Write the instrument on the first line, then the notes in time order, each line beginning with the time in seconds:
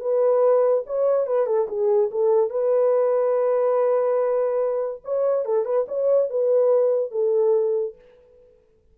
horn
0.00 B4
0.86 C#5
1.27 B4
1.46 A4
1.68 G#4
2.11 A4
2.50 B4
5.04 C#5
5.45 A4
5.65 B4
5.88 C#5
6.30 B4
7.12 A4